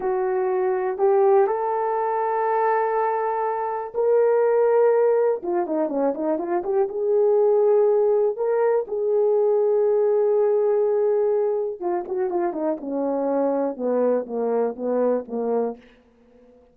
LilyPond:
\new Staff \with { instrumentName = "horn" } { \time 4/4 \tempo 4 = 122 fis'2 g'4 a'4~ | a'1 | ais'2. f'8 dis'8 | cis'8 dis'8 f'8 g'8 gis'2~ |
gis'4 ais'4 gis'2~ | gis'1 | f'8 fis'8 f'8 dis'8 cis'2 | b4 ais4 b4 ais4 | }